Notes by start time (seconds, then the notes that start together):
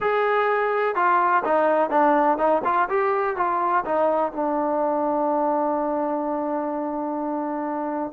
0.00 G#4
0.95 F4
1.44 D#4
1.89 D4
2.38 D#4
2.64 F4
2.89 G4
3.36 F4
3.85 D#4
4.32 D4